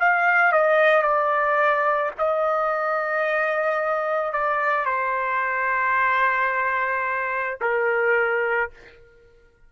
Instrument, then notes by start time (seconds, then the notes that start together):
trumpet
0.00 F5
0.52 D#5
1.02 D5
2.18 D#5
4.32 D5
4.85 C5
7.61 A#4